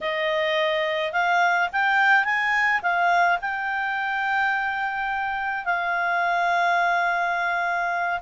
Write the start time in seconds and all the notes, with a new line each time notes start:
0.00 D#5
1.12 F5
1.72 G5
2.24 G#5
2.82 F5
3.41 G5
5.65 F5